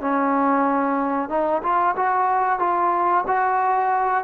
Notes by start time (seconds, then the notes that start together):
0.00 C#4
1.29 D#4
1.62 F4
1.96 F#4
2.59 F4
3.27 F#4